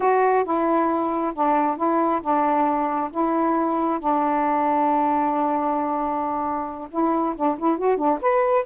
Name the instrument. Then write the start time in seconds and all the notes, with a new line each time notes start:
saxophone
0.00 F#4
0.44 E4
1.34 D4
1.76 E4
2.21 D4
3.11 E4
3.99 D4
6.91 E4
7.36 D4
7.58 E4
7.77 F#4
7.97 D4
8.21 B4